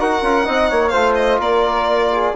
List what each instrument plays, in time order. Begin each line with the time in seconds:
0.00 bassoon D#4, trombone F#4, flute A#4, violin F#5
0.22 bassoon C#4, trombone F4
0.44 bassoon C4, trombone D#4, flute D#5
0.69 bassoon A#3, flute C#5
0.89 bassoon A3, trombone F4, flute C5, violin F5
1.15 violin D#5
1.39 bassoon A#3, flute A#4, violin D5
2.12 flute G#4